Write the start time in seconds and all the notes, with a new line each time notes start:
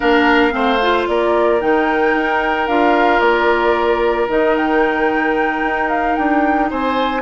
0.00 A#3 D4 A#4 F5
0.51 A3 C4 C5
0.81 F4
1.07 A#3 A#4 D5
1.60 D#3 D#4 G5
2.14 D#4
2.67 D4 F4 F5
3.20 A#3 D5
4.28 D#3 D#4 D#5
4.56 G5
5.62 D#4
5.88 F5
6.15 D4 G5
6.70 C4 C5 G#5